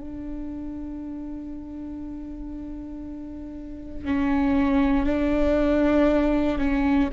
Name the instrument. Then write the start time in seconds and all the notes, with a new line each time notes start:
viola
0.00 D4
4.05 C#4
5.06 D4
6.58 C#4